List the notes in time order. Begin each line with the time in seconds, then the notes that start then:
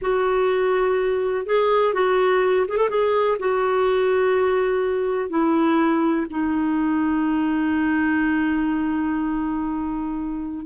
0.01 F#4
1.46 G#4
1.93 F#4
2.68 G#4
2.77 A4
2.89 G#4
3.39 F#4
5.29 E4
6.29 D#4